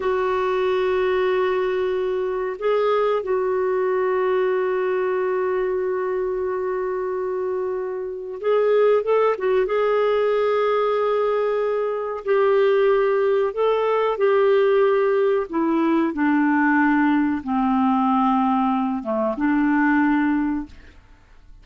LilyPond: \new Staff \with { instrumentName = "clarinet" } { \time 4/4 \tempo 4 = 93 fis'1 | gis'4 fis'2.~ | fis'1~ | fis'4 gis'4 a'8 fis'8 gis'4~ |
gis'2. g'4~ | g'4 a'4 g'2 | e'4 d'2 c'4~ | c'4. a8 d'2 | }